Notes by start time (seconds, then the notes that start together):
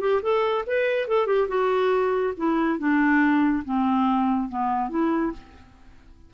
0.00 G4
0.22 A4
0.67 B4
1.08 A4
1.26 G4
1.48 F#4
2.37 E4
2.78 D4
3.64 C4
4.49 B3
4.89 E4